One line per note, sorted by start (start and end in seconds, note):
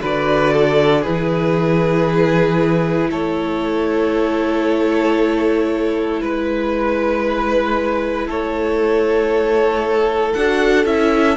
0.00 1.07 D3
0.00 1.03 F#4
0.00 0.53 B4
0.00 1.04 D5
0.53 1.02 A4
1.02 3.11 E3
1.02 10.35 E4
1.02 3.09 G#4
1.02 3.11 B4
3.11 6.21 A3
3.11 6.21 A4
3.11 6.22 C#5
6.22 8.27 G#3
6.22 8.29 B4
6.22 8.27 B4
8.27 10.34 A3
8.27 11.38 A4
8.27 10.34 C#5
10.34 10.86 D4
10.34 10.86 F#4
10.34 10.85 F#5
10.86 11.37 C#4
10.86 11.38 E4
10.86 11.38 E5